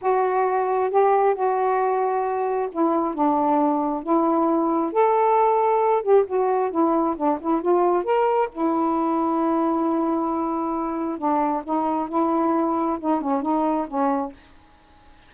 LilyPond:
\new Staff \with { instrumentName = "saxophone" } { \time 4/4 \tempo 4 = 134 fis'2 g'4 fis'4~ | fis'2 e'4 d'4~ | d'4 e'2 a'4~ | a'4. g'8 fis'4 e'4 |
d'8 e'8 f'4 ais'4 e'4~ | e'1~ | e'4 d'4 dis'4 e'4~ | e'4 dis'8 cis'8 dis'4 cis'4 | }